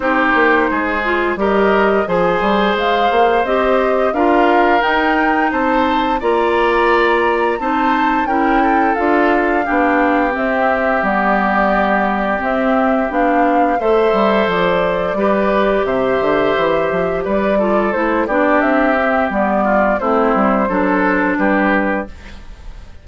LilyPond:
<<
  \new Staff \with { instrumentName = "flute" } { \time 4/4 \tempo 4 = 87 c''2 dis''4 gis''4 | f''4 dis''4 f''4 g''4 | a''4 ais''2 a''4 | g''4 f''2 e''4 |
d''2 e''4 f''4 | e''4 d''2 e''4~ | e''4 d''4 c''8 d''8 e''4 | d''4 c''2 b'4 | }
  \new Staff \with { instrumentName = "oboe" } { \time 4/4 g'4 gis'4 ais'4 c''4~ | c''2 ais'2 | c''4 d''2 c''4 | ais'8 a'4. g'2~ |
g'1 | c''2 b'4 c''4~ | c''4 b'8 a'4 g'4.~ | g'8 f'8 e'4 a'4 g'4 | }
  \new Staff \with { instrumentName = "clarinet" } { \time 4/4 dis'4. f'8 g'4 gis'4~ | gis'4 g'4 f'4 dis'4~ | dis'4 f'2 dis'4 | e'4 f'4 d'4 c'4 |
b2 c'4 d'4 | a'2 g'2~ | g'4. f'8 e'8 d'4 c'8 | b4 c'4 d'2 | }
  \new Staff \with { instrumentName = "bassoon" } { \time 4/4 c'8 ais8 gis4 g4 f8 g8 | gis8 ais8 c'4 d'4 dis'4 | c'4 ais2 c'4 | cis'4 d'4 b4 c'4 |
g2 c'4 b4 | a8 g8 f4 g4 c8 d8 | e8 f8 g4 a8 b8 c'4 | g4 a8 g8 fis4 g4 | }
>>